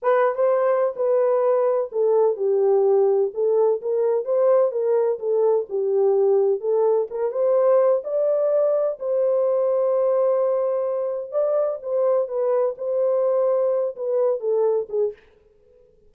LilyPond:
\new Staff \with { instrumentName = "horn" } { \time 4/4 \tempo 4 = 127 b'8. c''4~ c''16 b'2 | a'4 g'2 a'4 | ais'4 c''4 ais'4 a'4 | g'2 a'4 ais'8 c''8~ |
c''4 d''2 c''4~ | c''1 | d''4 c''4 b'4 c''4~ | c''4. b'4 a'4 gis'8 | }